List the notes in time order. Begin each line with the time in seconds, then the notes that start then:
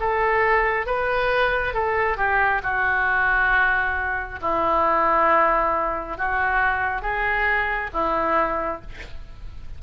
0.00 A4
0.87 B4
1.74 A4
2.17 G4
2.64 F#4
4.42 E4
6.18 F#4
7.02 G#4
7.93 E4